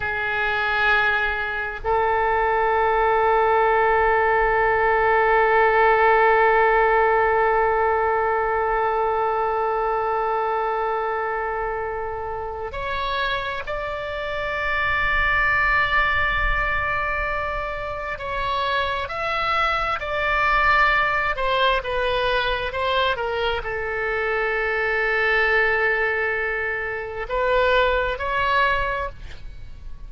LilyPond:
\new Staff \with { instrumentName = "oboe" } { \time 4/4 \tempo 4 = 66 gis'2 a'2~ | a'1~ | a'1~ | a'2 cis''4 d''4~ |
d''1 | cis''4 e''4 d''4. c''8 | b'4 c''8 ais'8 a'2~ | a'2 b'4 cis''4 | }